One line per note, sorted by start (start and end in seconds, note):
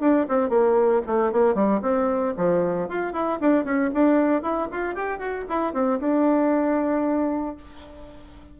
0.00 0.26 D4
0.28 0.49 C4
0.49 1.02 A#3
1.06 1.32 A3
1.32 1.54 A#3
1.54 1.80 G3
1.82 2.34 C4
2.37 2.89 F3
2.89 3.13 F4
3.13 3.39 E4
3.40 3.64 D4
3.64 3.90 C#4
3.93 4.42 D4
4.42 4.68 E4
4.71 4.95 F4
4.95 5.19 G4
5.19 5.45 F#4
5.49 5.73 E4
5.73 5.99 C4
6.00 7.56 D4